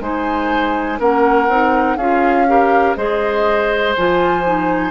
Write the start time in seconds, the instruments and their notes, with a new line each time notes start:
0.00 bassoon G#3, clarinet D#4, oboe C5, flute G#5
0.98 bassoon A#3, clarinet C#4, oboe A#4, flute F#5
1.48 bassoon C4, clarinet D#4
1.96 bassoon C#4, clarinet F4, oboe G#4, flute F5
2.47 clarinet G4, oboe A#4
2.95 bassoon G#3, clarinet G#4, oboe C5, flute D#5
3.95 bassoon F3, clarinet F4, flute G#5
4.44 clarinet D#4